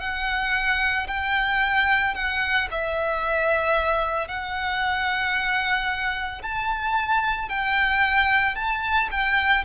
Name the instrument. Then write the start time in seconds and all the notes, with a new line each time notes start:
violin
0.00 F#5
1.08 G5
2.15 F#5
2.71 E5
4.28 F#5
6.42 A5
7.49 G5
8.56 A5
9.11 G5